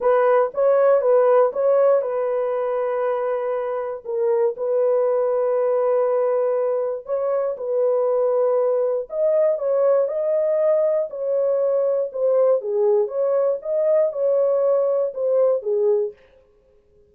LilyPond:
\new Staff \with { instrumentName = "horn" } { \time 4/4 \tempo 4 = 119 b'4 cis''4 b'4 cis''4 | b'1 | ais'4 b'2.~ | b'2 cis''4 b'4~ |
b'2 dis''4 cis''4 | dis''2 cis''2 | c''4 gis'4 cis''4 dis''4 | cis''2 c''4 gis'4 | }